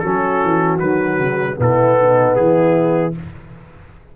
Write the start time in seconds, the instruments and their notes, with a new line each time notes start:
0.00 tuba F#3, trombone C#4, horn F#4, trumpet A4
0.44 tuba E3
0.80 tuba D#3, trombone F#3, trumpet B4
1.19 tuba C#3
1.56 tuba B2, trombone B3, horn E4, trumpet A4
1.99 horn D#4
2.36 tuba E3, horn E4, trumpet G#4